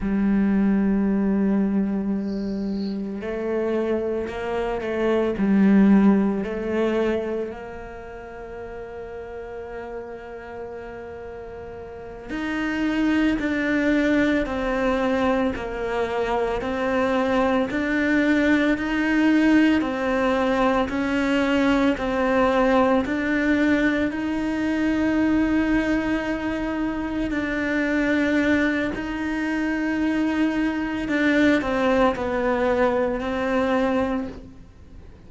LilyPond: \new Staff \with { instrumentName = "cello" } { \time 4/4 \tempo 4 = 56 g2. a4 | ais8 a8 g4 a4 ais4~ | ais2.~ ais8 dis'8~ | dis'8 d'4 c'4 ais4 c'8~ |
c'8 d'4 dis'4 c'4 cis'8~ | cis'8 c'4 d'4 dis'4.~ | dis'4. d'4. dis'4~ | dis'4 d'8 c'8 b4 c'4 | }